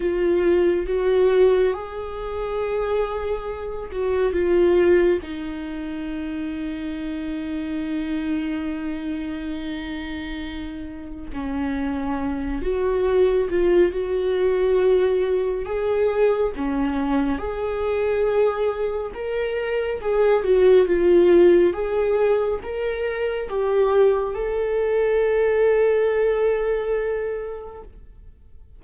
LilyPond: \new Staff \with { instrumentName = "viola" } { \time 4/4 \tempo 4 = 69 f'4 fis'4 gis'2~ | gis'8 fis'8 f'4 dis'2~ | dis'1~ | dis'4 cis'4. fis'4 f'8 |
fis'2 gis'4 cis'4 | gis'2 ais'4 gis'8 fis'8 | f'4 gis'4 ais'4 g'4 | a'1 | }